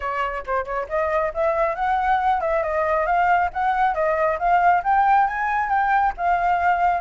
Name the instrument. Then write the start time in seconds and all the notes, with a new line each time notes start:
flute
0.00 C#5
0.46 C5
0.64 C#5
0.89 D#5
1.34 E5
1.75 F#5
2.40 E5
2.63 D#5
3.06 F5
3.53 F#5
3.94 D#5
4.38 F5
4.83 G5
5.27 G#5
5.69 G5
6.17 F5